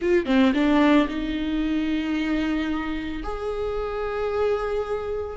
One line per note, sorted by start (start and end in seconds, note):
0.01 0.25 F4
0.25 0.52 C4
0.54 1.07 D4
1.08 3.22 D#4
3.23 5.36 G#4